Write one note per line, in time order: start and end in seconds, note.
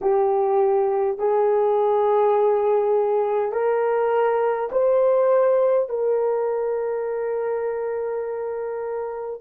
0.01 1.18 G4
1.18 3.51 G#4
3.51 4.69 A#4
4.71 5.89 C5
5.89 9.41 A#4